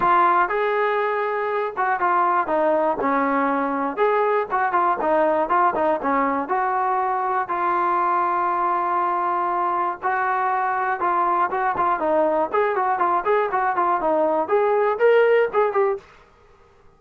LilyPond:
\new Staff \with { instrumentName = "trombone" } { \time 4/4 \tempo 4 = 120 f'4 gis'2~ gis'8 fis'8 | f'4 dis'4 cis'2 | gis'4 fis'8 f'8 dis'4 f'8 dis'8 | cis'4 fis'2 f'4~ |
f'1 | fis'2 f'4 fis'8 f'8 | dis'4 gis'8 fis'8 f'8 gis'8 fis'8 f'8 | dis'4 gis'4 ais'4 gis'8 g'8 | }